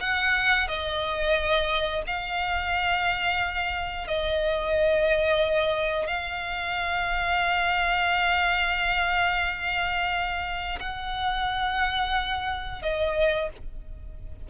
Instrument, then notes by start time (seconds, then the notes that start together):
violin
0.00 F#5
0.67 D#5
2.06 F5
4.07 D#5
6.07 F5
10.80 F#5
12.82 D#5